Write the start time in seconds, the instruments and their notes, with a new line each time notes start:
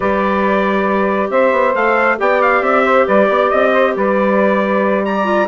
0.00 bassoon G3, clarinet G4, saxophone B4, trumpet D5
1.30 bassoon C4, saxophone C5, trumpet E5
1.52 bassoon B3
1.75 bassoon A3, clarinet A4, trumpet F5
2.17 bassoon B3, clarinet G4, saxophone D5, trumpet G5
2.42 trumpet F5
2.61 bassoon C4, trumpet E5
2.83 saxophone C5
3.05 bassoon G3, saxophone B4, trumpet D5
3.27 bassoon B3, saxophone D5
3.50 bassoon C4, trumpet D#5
3.71 saxophone C5
3.96 bassoon G3, saxophone B4, trumpet D5
5.04 saxophone D5, trumpet A#5
5.24 clarinet F4